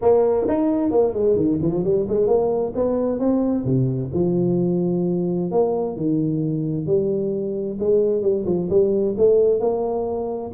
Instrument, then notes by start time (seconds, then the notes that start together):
tuba
0.01 A#3
0.48 D#4
0.91 A#3
1.13 G#3
1.36 D#3
1.62 F3
1.83 G3
2.08 G#3
2.27 A#3
2.75 B3
3.19 C4
3.65 C3
4.13 F3
5.51 A#3
5.96 D#3
6.86 G3
7.79 G#3
8.22 G3
8.46 F3
8.69 G3
9.17 A3
9.60 A#3